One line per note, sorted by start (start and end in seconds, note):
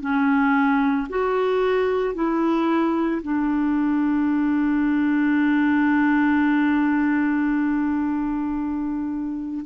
0.00 1.07 C#4
1.09 2.14 F#4
2.14 3.21 E4
3.22 9.65 D4